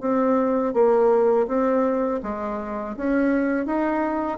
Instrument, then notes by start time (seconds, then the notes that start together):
bassoon
0.00 C4
0.74 A#3
1.47 C4
2.23 G#3
2.97 C#4
3.66 D#4